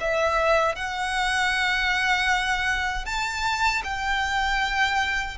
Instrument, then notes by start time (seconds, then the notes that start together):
violin
0.00 E5
0.76 F#5
3.05 A5
3.84 G5